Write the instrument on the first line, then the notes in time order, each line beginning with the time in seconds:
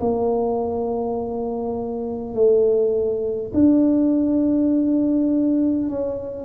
tuba
0.00 A#3
2.34 A3
3.53 D4
5.89 C#4